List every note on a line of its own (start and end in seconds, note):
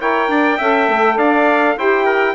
0.00 0.28 E4
0.00 0.59 A#4
0.00 0.30 C#5
0.00 1.18 G5
0.28 0.58 D4
0.28 0.58 D5
0.58 0.88 C#4
0.58 1.78 A4
0.58 1.17 E5
0.88 1.17 A3
1.17 1.77 D4
1.17 1.77 D5
1.17 1.78 F5
1.77 2.35 E4
1.77 2.35 G4
1.77 2.05 C5
1.77 2.35 G5
2.05 2.35 A#4